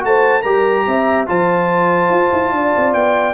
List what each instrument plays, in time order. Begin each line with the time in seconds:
0.00 tuba A3, trombone F#4, trumpet A5
0.07 horn C5
0.43 tuba G3, trombone G4, horn A#4, trumpet A#5
0.87 tuba C4, horn E5
1.27 tuba F3, trombone F4, horn C5, trumpet A5
2.10 tuba F4
2.33 tuba E4
2.52 tuba D4, horn D5
2.78 tuba C4
2.94 tuba B3, trumpet G5